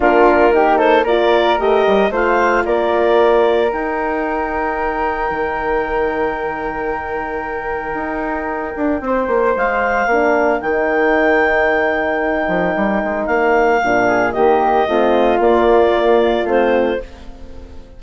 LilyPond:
<<
  \new Staff \with { instrumentName = "clarinet" } { \time 4/4 \tempo 4 = 113 ais'4. c''8 d''4 dis''4 | f''4 d''2 g''4~ | g''1~ | g''1~ |
g''2 f''2 | g''1~ | g''4 f''2 dis''4~ | dis''4 d''2 c''4 | }
  \new Staff \with { instrumentName = "flute" } { \time 4/4 f'4 g'8 a'8 ais'2 | c''4 ais'2.~ | ais'1~ | ais'1~ |
ais'4 c''2 ais'4~ | ais'1~ | ais'2~ ais'8 gis'8 g'4 | f'1 | }
  \new Staff \with { instrumentName = "horn" } { \time 4/4 d'4 dis'4 f'4 g'4 | f'2. dis'4~ | dis'1~ | dis'1~ |
dis'2. d'4 | dis'1~ | dis'2 d'4 ais4 | c'4 ais2 c'4 | }
  \new Staff \with { instrumentName = "bassoon" } { \time 4/4 ais2. a8 g8 | a4 ais2 dis'4~ | dis'2 dis2~ | dis2. dis'4~ |
dis'8 d'8 c'8 ais8 gis4 ais4 | dis2.~ dis8 f8 | g8 gis8 ais4 ais,4 dis4 | a4 ais2 a4 | }
>>